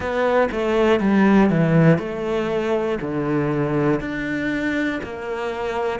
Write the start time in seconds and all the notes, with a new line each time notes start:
0.00 B3
0.51 A3
1.00 G3
1.50 E3
1.98 A3
3.00 D3
4.00 D4
5.03 A#3